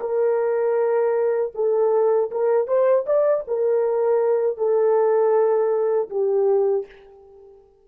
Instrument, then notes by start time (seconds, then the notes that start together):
horn
0.00 A#4
1.55 A4
2.31 A#4
2.67 C5
3.06 D5
3.47 A#4
4.57 A4
6.10 G4